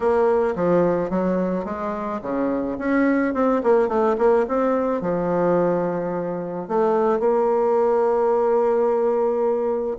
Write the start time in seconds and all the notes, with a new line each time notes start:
0.00 A#3
0.55 F3
1.10 F#3
1.64 G#3
2.22 C#3
2.78 C#4
3.34 C4
3.63 A#3
3.88 A3
4.18 A#3
4.48 C4
5.01 F3
6.67 A3
7.19 A#3